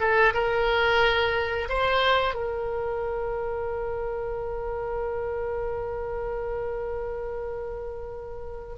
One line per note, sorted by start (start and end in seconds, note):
0.00 0.34 A4
0.34 1.69 A#4
1.69 2.35 C5
2.35 8.75 A#4